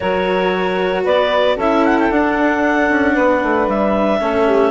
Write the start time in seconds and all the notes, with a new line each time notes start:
0.00 F#3 F#4 A#4 C#5
1.03 B3 B4 D5
1.55 C#4 E4 A4 E5
1.85 F#5
1.99 G5
2.10 D4 F#5
2.89 C#4
3.13 B3 B4
3.43 A3
3.67 G3 E5
4.20 A3 C#4 A4
4.47 G4